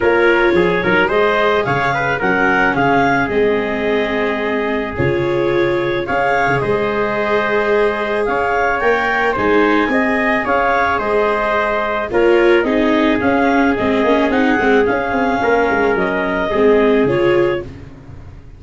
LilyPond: <<
  \new Staff \with { instrumentName = "clarinet" } { \time 4/4 \tempo 4 = 109 cis''2 dis''4 f''4 | fis''4 f''4 dis''2~ | dis''4 cis''2 f''4 | dis''2. f''4 |
g''4 gis''2 f''4 | dis''2 cis''4 dis''4 | f''4 dis''4 fis''4 f''4~ | f''4 dis''2 cis''4 | }
  \new Staff \with { instrumentName = "trumpet" } { \time 4/4 ais'4 gis'8 ais'8 c''4 cis''8 b'8 | ais'4 gis'2.~ | gis'2. cis''4 | c''2. cis''4~ |
cis''4 c''4 dis''4 cis''4 | c''2 ais'4 gis'4~ | gis'1 | ais'2 gis'2 | }
  \new Staff \with { instrumentName = "viola" } { \time 4/4 f'4. dis'8 gis'2 | cis'2 c'2~ | c'4 f'2 gis'4~ | gis'1 |
ais'4 dis'4 gis'2~ | gis'2 f'4 dis'4 | cis'4 c'8 cis'8 dis'8 c'8 cis'4~ | cis'2 c'4 f'4 | }
  \new Staff \with { instrumentName = "tuba" } { \time 4/4 ais4 f8 fis8 gis4 cis4 | fis4 cis4 gis2~ | gis4 cis2 cis'8. cis16 | gis2. cis'4 |
ais4 gis4 c'4 cis'4 | gis2 ais4 c'4 | cis'4 gis8 ais8 c'8 gis8 cis'8 c'8 | ais8 gis8 fis4 gis4 cis4 | }
>>